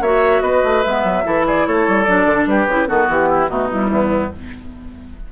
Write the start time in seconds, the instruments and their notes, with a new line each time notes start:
0.00 bassoon A#3, clarinet F#4, oboe C#5, flute E5
0.41 bassoon B3, oboe B4, flute D#5
0.64 bassoon A3
0.82 bassoon G#3, clarinet B3, flute E5
1.04 bassoon F#3
1.24 bassoon E3, clarinet E4, oboe A4
1.47 oboe G#4, flute D5
1.66 bassoon A3, oboe A4, flute C#5
1.88 bassoon G3
2.03 bassoon F#3, clarinet D4, flute D5
2.25 bassoon D3
2.46 bassoon G3, oboe G4, flute B4
2.67 bassoon C#3, clarinet E4
2.86 bassoon D#3, clarinet B3, oboe F#4, flute A4
3.08 bassoon E3, flute G4
3.29 oboe E4
3.48 bassoon B2, clarinet A3, oboe D#4, flute F#4
3.71 clarinet G3, flute E4
3.90 bassoon E2, oboe B3